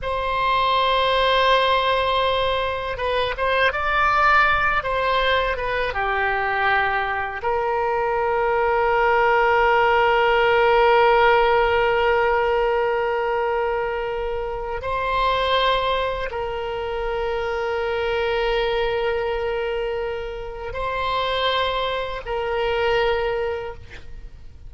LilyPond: \new Staff \with { instrumentName = "oboe" } { \time 4/4 \tempo 4 = 81 c''1 | b'8 c''8 d''4. c''4 b'8 | g'2 ais'2~ | ais'1~ |
ais'1 | c''2 ais'2~ | ais'1 | c''2 ais'2 | }